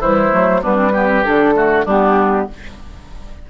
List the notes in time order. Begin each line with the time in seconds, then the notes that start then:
0.00 E3 G3 E4 C5
0.30 F#3 A3
0.62 G3 B3 D4 B4
0.75 C4
0.93 B3 G4
1.07 C4
1.25 D3 D4 A4
1.54 A3 F#4
1.85 G3 B3 D4 G4